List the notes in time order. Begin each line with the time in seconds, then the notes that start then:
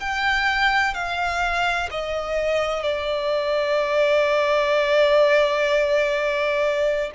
0.00 G5
0.94 F5
1.91 D#5
2.83 D5